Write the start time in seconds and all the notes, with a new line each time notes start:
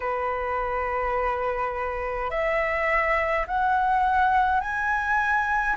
0.00 B4
2.30 E5
3.47 F#5
4.60 G#5